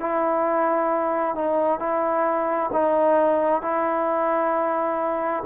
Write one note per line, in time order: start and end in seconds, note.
0.00 1.35 E4
1.35 1.79 D#4
1.79 2.70 E4
2.73 3.62 D#4
3.62 5.44 E4